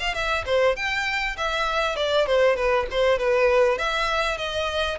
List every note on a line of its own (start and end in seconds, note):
0.00 0.15 F5
0.15 0.45 E5
0.46 0.76 C5
0.76 1.37 G5
1.37 1.96 E5
1.96 2.27 D5
2.27 2.57 C5
2.57 2.87 B4
2.91 3.19 C5
3.19 3.78 B4
3.78 4.38 E5
4.38 4.99 D#5